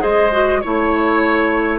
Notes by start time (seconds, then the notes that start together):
0.00 G#3 G#4 C5 D#5
0.32 F#4
0.61 A3 E4 C#5